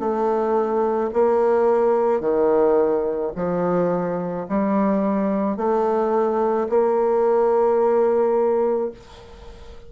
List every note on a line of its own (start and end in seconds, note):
0.00 1.11 A3
1.14 2.21 A#3
2.21 3.32 D#3
3.36 4.47 F3
4.49 5.57 G3
5.57 6.68 A3
6.70 8.92 A#3